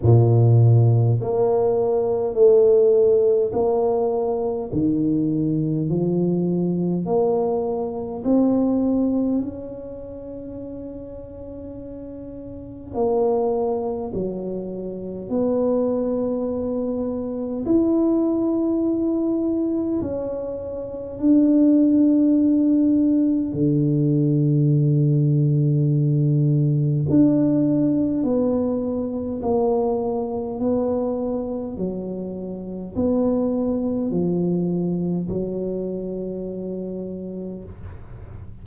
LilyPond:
\new Staff \with { instrumentName = "tuba" } { \time 4/4 \tempo 4 = 51 ais,4 ais4 a4 ais4 | dis4 f4 ais4 c'4 | cis'2. ais4 | fis4 b2 e'4~ |
e'4 cis'4 d'2 | d2. d'4 | b4 ais4 b4 fis4 | b4 f4 fis2 | }